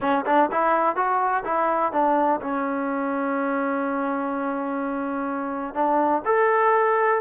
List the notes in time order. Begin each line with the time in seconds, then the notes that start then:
0.00 C#4
0.26 D4
0.51 E4
0.95 F#4
1.44 E4
1.92 D4
2.41 C#4
5.74 D4
6.25 A4